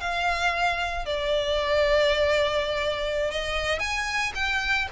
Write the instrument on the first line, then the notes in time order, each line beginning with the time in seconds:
violin
0.00 F5
1.05 D5
3.31 D#5
3.79 G#5
4.35 G5